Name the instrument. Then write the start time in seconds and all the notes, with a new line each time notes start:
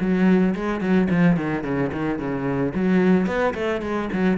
cello
0.00 F#3
0.55 G#3
0.80 F#3
1.10 F3
1.36 D#3
1.63 C#3
1.92 D#3
2.18 C#3
2.74 F#3
3.26 B3
3.54 A3
3.81 G#3
4.12 F#3